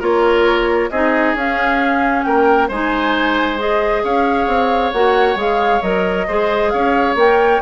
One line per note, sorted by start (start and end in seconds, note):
0.00 0.90 A#3
0.00 0.90 F4
0.00 0.90 A#4
0.00 0.91 C#5
0.91 1.35 C4
0.91 1.37 D#4
0.91 2.26 G#4
0.91 1.36 D#5
1.35 2.24 C#4
1.35 2.72 C#4
1.35 2.23 F5
2.23 2.70 A#3
2.23 2.69 A#4
2.23 2.68 G5
2.69 4.04 G#3
2.69 3.58 D#4
2.69 4.03 C5
2.69 3.60 G#5
3.58 4.93 G#4
3.58 4.04 D#5
4.04 4.47 C#4
4.04 6.28 C#5
4.04 4.92 F5
4.47 4.92 C4
4.92 5.36 A#3
4.92 5.37 F#4
4.92 5.37 F#5
5.36 5.81 G#3
5.36 5.82 G#4
5.36 5.82 F5
5.82 6.27 F#3
5.82 6.27 A#4
5.82 6.70 D#5
6.28 6.74 G#3
6.28 7.17 G#4
6.28 6.72 C5
6.70 7.15 C#4
6.70 7.62 C#5
6.70 7.15 F5
7.15 7.60 A#3
7.15 7.62 A#4
7.15 7.62 G5